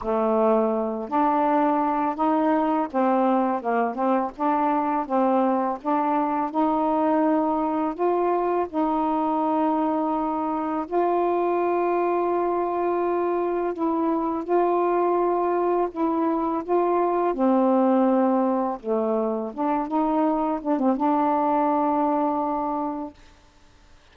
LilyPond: \new Staff \with { instrumentName = "saxophone" } { \time 4/4 \tempo 4 = 83 a4. d'4. dis'4 | c'4 ais8 c'8 d'4 c'4 | d'4 dis'2 f'4 | dis'2. f'4~ |
f'2. e'4 | f'2 e'4 f'4 | c'2 a4 d'8 dis'8~ | dis'8 d'16 c'16 d'2. | }